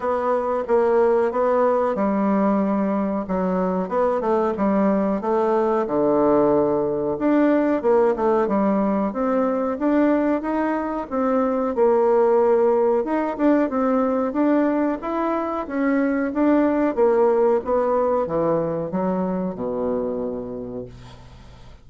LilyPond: \new Staff \with { instrumentName = "bassoon" } { \time 4/4 \tempo 4 = 92 b4 ais4 b4 g4~ | g4 fis4 b8 a8 g4 | a4 d2 d'4 | ais8 a8 g4 c'4 d'4 |
dis'4 c'4 ais2 | dis'8 d'8 c'4 d'4 e'4 | cis'4 d'4 ais4 b4 | e4 fis4 b,2 | }